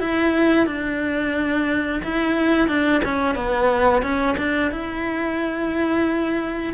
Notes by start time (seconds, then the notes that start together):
0.00 E4
0.67 D4
2.04 E4
2.68 D4
3.05 C#4
3.35 B3
4.03 C#4
4.38 D4
4.72 E4